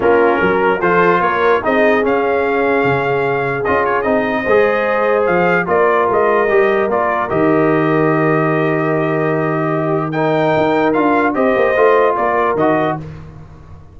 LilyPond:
<<
  \new Staff \with { instrumentName = "trumpet" } { \time 4/4 \tempo 4 = 148 ais'2 c''4 cis''4 | dis''4 f''2.~ | f''4 dis''8 cis''8 dis''2~ | dis''4 f''4 d''4 dis''4~ |
dis''4 d''4 dis''2~ | dis''1~ | dis''4 g''2 f''4 | dis''2 d''4 dis''4 | }
  \new Staff \with { instrumentName = "horn" } { \time 4/4 f'4 ais'4 a'4 ais'4 | gis'1~ | gis'2. c''4~ | c''2 ais'2~ |
ais'1~ | ais'1 | g'4 ais'2. | c''2 ais'2 | }
  \new Staff \with { instrumentName = "trombone" } { \time 4/4 cis'2 f'2 | dis'4 cis'2.~ | cis'4 f'4 dis'4 gis'4~ | gis'2 f'2 |
g'4 f'4 g'2~ | g'1~ | g'4 dis'2 f'4 | g'4 f'2 fis'4 | }
  \new Staff \with { instrumentName = "tuba" } { \time 4/4 ais4 fis4 f4 ais4 | c'4 cis'2 cis4~ | cis4 cis'4 c'4 gis4~ | gis4 f4 ais4 gis4 |
g4 ais4 dis2~ | dis1~ | dis2 dis'4 d'4 | c'8 ais8 a4 ais4 dis4 | }
>>